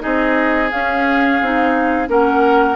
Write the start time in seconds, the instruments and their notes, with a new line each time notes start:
0.00 bassoon C4, clarinet D#4, oboe G#4, flute D#5
0.71 bassoon C#4, clarinet C#4, flute F5
1.41 bassoon C4, clarinet D#4
2.08 bassoon A#3, clarinet C#4, oboe A#4, flute F#5